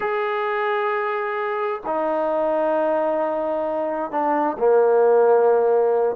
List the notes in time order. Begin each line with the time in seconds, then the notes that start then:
0.00 G#4
1.85 D#4
4.11 D4
4.58 A#3